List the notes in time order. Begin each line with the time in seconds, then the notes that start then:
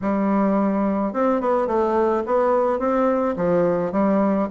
0.01 G3
1.13 C4
1.40 B3
1.67 A3
2.26 B3
2.79 C4
3.36 F3
3.92 G3